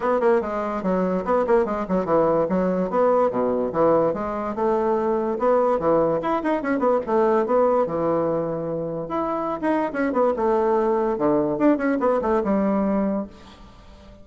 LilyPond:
\new Staff \with { instrumentName = "bassoon" } { \time 4/4 \tempo 4 = 145 b8 ais8 gis4 fis4 b8 ais8 | gis8 fis8 e4 fis4 b4 | b,4 e4 gis4 a4~ | a4 b4 e4 e'8 dis'8 |
cis'8 b8 a4 b4 e4~ | e2 e'4~ e'16 dis'8. | cis'8 b8 a2 d4 | d'8 cis'8 b8 a8 g2 | }